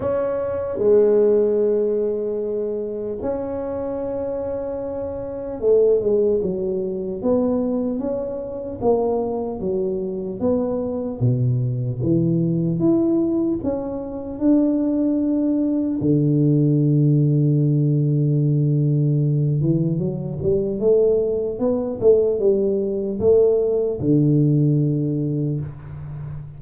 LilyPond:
\new Staff \with { instrumentName = "tuba" } { \time 4/4 \tempo 4 = 75 cis'4 gis2. | cis'2. a8 gis8 | fis4 b4 cis'4 ais4 | fis4 b4 b,4 e4 |
e'4 cis'4 d'2 | d1~ | d8 e8 fis8 g8 a4 b8 a8 | g4 a4 d2 | }